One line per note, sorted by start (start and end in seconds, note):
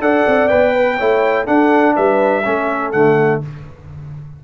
0.00 0.24 D4
0.00 0.49 A4
0.00 0.74 D5
0.00 0.48 F#5
0.27 0.51 C4
0.48 1.00 B3
0.48 0.98 B4
0.48 1.46 G5
0.74 0.97 B4
0.97 1.48 A3
0.97 1.45 E4
0.97 1.46 C#5
1.45 2.43 D4
1.45 1.97 D4
1.45 1.95 A4
1.45 1.96 F#5
1.96 2.46 G3
1.96 2.45 B4
1.96 2.92 E5
2.45 2.94 A3
2.45 2.93 C#4
2.45 3.44 A4
2.92 3.43 D3
2.92 3.42 A3
2.92 3.41 F#5